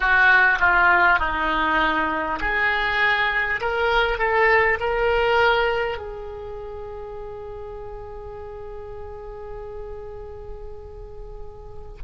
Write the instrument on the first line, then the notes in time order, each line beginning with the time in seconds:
oboe
0.00 F#4
0.59 F4
1.19 D#4
2.40 G#4
3.60 A#4
4.18 A4
4.80 A#4
5.97 G#4